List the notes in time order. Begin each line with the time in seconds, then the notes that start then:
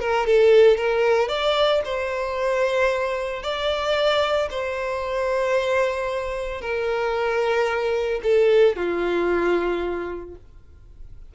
0.00 A#4
0.26 A4
0.77 A#4
1.28 D5
1.85 C5
3.43 D5
4.50 C5
6.61 A#4
8.23 A4
8.76 F4